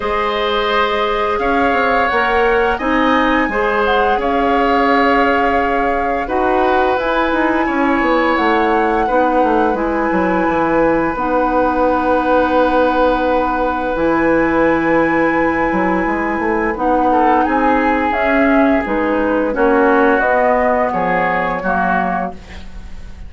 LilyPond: <<
  \new Staff \with { instrumentName = "flute" } { \time 4/4 \tempo 4 = 86 dis''2 f''4 fis''4 | gis''4. fis''8 f''2~ | f''4 fis''4 gis''2 | fis''2 gis''2 |
fis''1 | gis''1 | fis''4 gis''4 e''4 b'4 | cis''4 dis''4 cis''2 | }
  \new Staff \with { instrumentName = "oboe" } { \time 4/4 c''2 cis''2 | dis''4 c''4 cis''2~ | cis''4 b'2 cis''4~ | cis''4 b'2.~ |
b'1~ | b'1~ | b'8 a'8 gis'2. | fis'2 gis'4 fis'4 | }
  \new Staff \with { instrumentName = "clarinet" } { \time 4/4 gis'2. ais'4 | dis'4 gis'2.~ | gis'4 fis'4 e'2~ | e'4 dis'4 e'2 |
dis'1 | e'1 | dis'2 cis'4 dis'4 | cis'4 b2 ais4 | }
  \new Staff \with { instrumentName = "bassoon" } { \time 4/4 gis2 cis'8 c'8 ais4 | c'4 gis4 cis'2~ | cis'4 dis'4 e'8 dis'8 cis'8 b8 | a4 b8 a8 gis8 fis8 e4 |
b1 | e2~ e8 fis8 gis8 a8 | b4 c'4 cis'4 gis4 | ais4 b4 f4 fis4 | }
>>